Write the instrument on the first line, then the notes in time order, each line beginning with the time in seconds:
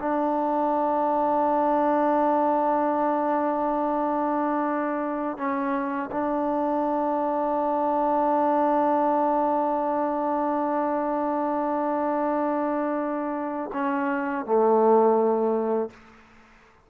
trombone
0.00 D4
5.38 C#4
6.12 D4
13.73 C#4
14.46 A3